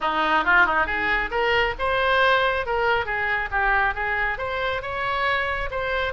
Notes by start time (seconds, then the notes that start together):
0.00 D#4
0.44 F4
0.65 D#4
0.86 G#4
1.30 A#4
1.78 C5
2.66 A#4
3.05 G#4
3.51 G4
3.94 G#4
4.38 C5
4.82 C#5
5.71 C5